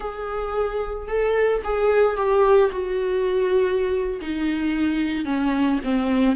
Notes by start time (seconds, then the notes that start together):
0.00 G#4
1.08 A4
1.64 G#4
2.16 G4
2.71 F#4
4.21 D#4
5.25 C#4
5.84 C4